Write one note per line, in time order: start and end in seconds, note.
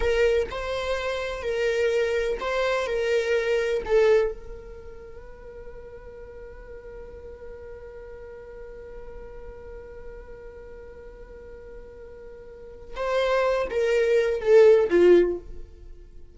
0.00 0.48 A#4
0.50 1.42 C5
1.42 2.38 A#4
2.40 2.87 C5
2.87 3.83 A#4
3.85 4.31 A4
4.31 12.95 A#4
12.96 13.68 C5
13.69 14.40 A#4
14.40 14.88 A4
14.90 15.38 F4